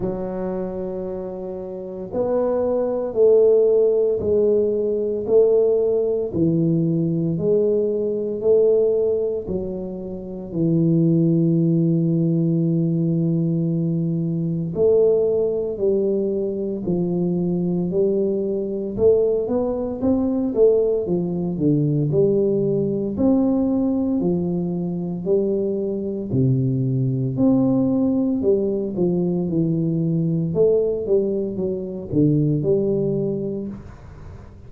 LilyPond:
\new Staff \with { instrumentName = "tuba" } { \time 4/4 \tempo 4 = 57 fis2 b4 a4 | gis4 a4 e4 gis4 | a4 fis4 e2~ | e2 a4 g4 |
f4 g4 a8 b8 c'8 a8 | f8 d8 g4 c'4 f4 | g4 c4 c'4 g8 f8 | e4 a8 g8 fis8 d8 g4 | }